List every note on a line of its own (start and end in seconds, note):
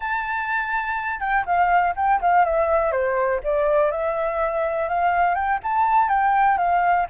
0.00 1.20 A5
1.20 1.44 G5
1.45 1.94 F5
1.96 2.20 G5
2.21 2.44 F5
2.44 2.91 E5
2.91 3.40 C5
3.43 3.91 D5
3.91 4.88 E5
4.88 5.34 F5
5.34 5.59 G5
5.63 6.08 A5
6.08 6.57 G5
6.57 7.06 F5